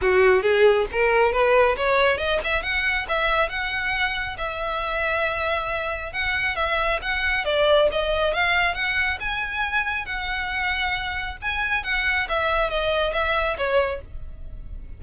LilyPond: \new Staff \with { instrumentName = "violin" } { \time 4/4 \tempo 4 = 137 fis'4 gis'4 ais'4 b'4 | cis''4 dis''8 e''8 fis''4 e''4 | fis''2 e''2~ | e''2 fis''4 e''4 |
fis''4 d''4 dis''4 f''4 | fis''4 gis''2 fis''4~ | fis''2 gis''4 fis''4 | e''4 dis''4 e''4 cis''4 | }